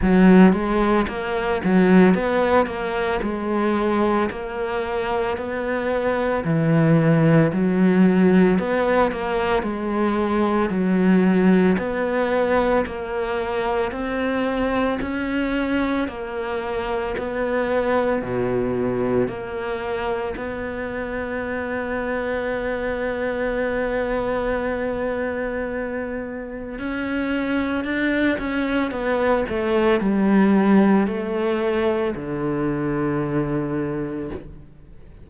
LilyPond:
\new Staff \with { instrumentName = "cello" } { \time 4/4 \tempo 4 = 56 fis8 gis8 ais8 fis8 b8 ais8 gis4 | ais4 b4 e4 fis4 | b8 ais8 gis4 fis4 b4 | ais4 c'4 cis'4 ais4 |
b4 b,4 ais4 b4~ | b1~ | b4 cis'4 d'8 cis'8 b8 a8 | g4 a4 d2 | }